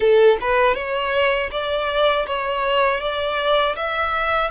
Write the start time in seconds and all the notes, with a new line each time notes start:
0.00 A4
0.40 B4
0.75 C#5
1.51 D5
2.27 C#5
3.00 D5
3.76 E5